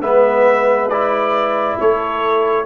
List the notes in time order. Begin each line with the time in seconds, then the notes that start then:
0.00 G#3 B3 B4 E5
0.89 E4 D5
1.80 A3 A4 C#5